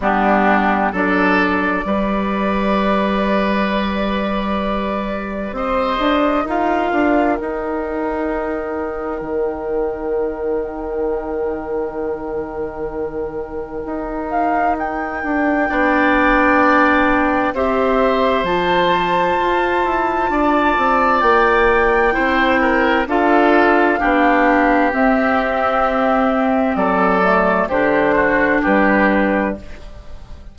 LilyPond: <<
  \new Staff \with { instrumentName = "flute" } { \time 4/4 \tempo 4 = 65 g'4 d''2.~ | d''2 dis''4 f''4 | g''1~ | g''2.~ g''8 f''8 |
g''2. e''4 | a''2. g''4~ | g''4 f''2 e''4~ | e''4 d''4 c''4 b'4 | }
  \new Staff \with { instrumentName = "oboe" } { \time 4/4 d'4 a'4 b'2~ | b'2 c''4 ais'4~ | ais'1~ | ais'1~ |
ais'4 d''2 c''4~ | c''2 d''2 | c''8 ais'8 a'4 g'2~ | g'4 a'4 g'8 fis'8 g'4 | }
  \new Staff \with { instrumentName = "clarinet" } { \time 4/4 b4 d'4 g'2~ | g'2. f'4 | dis'1~ | dis'1~ |
dis'4 d'2 g'4 | f'1 | e'4 f'4 d'4 c'4~ | c'4. a8 d'2 | }
  \new Staff \with { instrumentName = "bassoon" } { \time 4/4 g4 fis4 g2~ | g2 c'8 d'8 dis'8 d'8 | dis'2 dis2~ | dis2. dis'4~ |
dis'8 d'8 b2 c'4 | f4 f'8 e'8 d'8 c'8 ais4 | c'4 d'4 b4 c'4~ | c'4 fis4 d4 g4 | }
>>